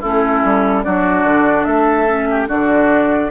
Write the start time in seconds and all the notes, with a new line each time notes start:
0.00 A3 C#4 E4 A4
0.44 G3
0.84 F#3 D4 F#4 D5
1.24 D3
1.64 A3 A4 E5
2.07 C#4
2.30 G4
2.47 D3 D4 F#4 D5